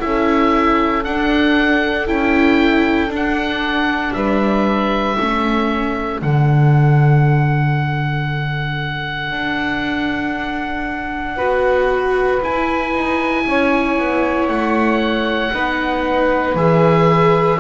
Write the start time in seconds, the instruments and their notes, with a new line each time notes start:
0.00 double bass C#4, viola E4, saxophone A4, oboe E5
1.04 double bass D4, viola D4, oboe F#5
2.07 double bass C#4, viola E4, oboe G5
3.08 double bass D4, viola D4
3.16 oboe F#5
4.14 double bass G3, saxophone B4, oboe E5
5.18 double bass A3, viola C#4, saxophone A4
6.21 double bass D3, viola D4, oboe F#5
9.32 double bass D4
11.36 double bass B3, viola F#4, saxophone B4
12.42 viola E4, double bass E4, oboe G#5
12.94 double bass D#4
13.47 double bass C#4, saxophone C#5
13.99 double bass B3
14.48 double bass A3, oboe F#5
15.53 double bass B3, viola D#4, saxophone B4
16.55 double bass E3, viola G#4, oboe E5